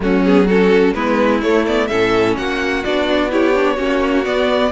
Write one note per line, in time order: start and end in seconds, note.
0.00 0.92 F#3
0.00 0.23 A3
0.00 0.46 C#4
0.00 0.24 F#4
0.24 0.48 B3
0.24 0.48 G#4
0.46 0.95 C#4
0.46 0.93 F#4
0.46 0.94 A4
0.94 1.42 G#3
0.94 1.42 B3
0.94 1.89 E4
0.94 1.41 B4
1.42 1.89 A3
1.42 1.65 A3
1.42 1.65 C#5
1.66 1.89 B3
1.66 1.87 D5
1.87 2.37 A2
1.87 2.84 C#4
1.87 2.36 A4
1.87 2.34 E5
2.36 2.84 A#3
2.36 3.31 F#4
2.36 2.84 F#5
2.84 3.78 B3
2.84 3.30 D4
2.84 3.31 D5
3.30 3.53 E4
3.30 3.76 G4
3.30 4.25 C#5
3.54 3.77 D4
3.76 4.25 A#3
3.76 4.24 C#4
3.76 4.70 F#4
4.24 4.71 B3
4.24 4.72 B3
4.24 4.72 D5